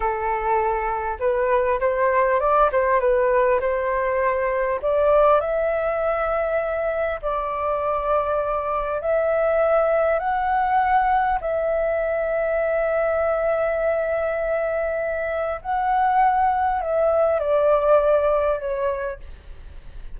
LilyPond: \new Staff \with { instrumentName = "flute" } { \time 4/4 \tempo 4 = 100 a'2 b'4 c''4 | d''8 c''8 b'4 c''2 | d''4 e''2. | d''2. e''4~ |
e''4 fis''2 e''4~ | e''1~ | e''2 fis''2 | e''4 d''2 cis''4 | }